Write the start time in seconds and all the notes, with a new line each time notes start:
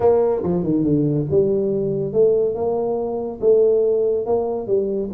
0.00 A#3
0.43 F3
0.63 D#3
0.83 D3
1.30 G3
2.13 A3
2.54 A#3
3.40 A3
4.26 A#3
4.67 G3